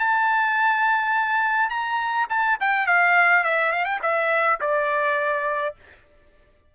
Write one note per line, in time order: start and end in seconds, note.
0.00 1.70 A5
1.70 2.28 A#5
2.30 2.59 A5
2.61 2.87 G5
2.87 3.44 F5
3.44 3.73 E5
3.73 3.85 F5
3.85 4.00 G5
4.03 4.60 E5
4.61 5.76 D5